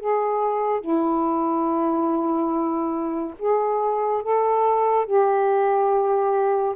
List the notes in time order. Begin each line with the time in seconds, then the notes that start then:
0.00 G#4
0.81 E4
3.39 G#4
4.23 A4
5.06 G4